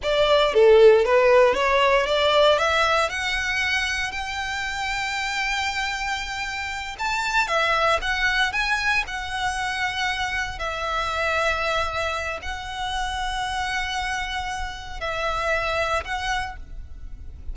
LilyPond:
\new Staff \with { instrumentName = "violin" } { \time 4/4 \tempo 4 = 116 d''4 a'4 b'4 cis''4 | d''4 e''4 fis''2 | g''1~ | g''4. a''4 e''4 fis''8~ |
fis''8 gis''4 fis''2~ fis''8~ | fis''8 e''2.~ e''8 | fis''1~ | fis''4 e''2 fis''4 | }